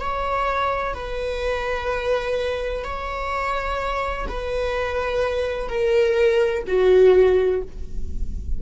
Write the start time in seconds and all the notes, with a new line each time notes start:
0.00 C#5
0.94 B4
2.84 C#5
4.28 B4
5.68 A#4
6.67 F#4